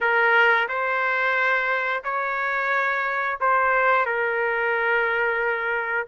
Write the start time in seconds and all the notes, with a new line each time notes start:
0.00 A#4
0.68 C5
2.04 C#5
3.40 C5
4.05 A#4